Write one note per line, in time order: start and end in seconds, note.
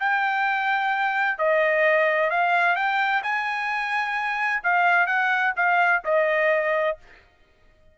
0.00 1.38 G5
1.38 2.30 D#5
2.30 2.76 F5
2.76 3.23 G5
3.23 4.63 G#5
4.64 5.07 F5
5.07 5.53 F#5
5.56 6.03 F5
6.05 6.98 D#5